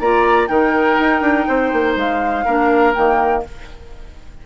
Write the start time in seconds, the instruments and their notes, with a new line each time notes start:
0.00 bassoon A#3, clarinet F4, oboe D5, flute A#5
0.48 bassoon D#3, clarinet D#4, oboe A#4, flute G5
1.00 bassoon D#4
1.21 bassoon D4
1.48 bassoon C4, oboe C5
1.73 bassoon A#3
1.96 bassoon G#3, flute F5
2.45 bassoon A#3, clarinet D4, oboe A#4
2.94 bassoon D#3, clarinet A#3, flute G5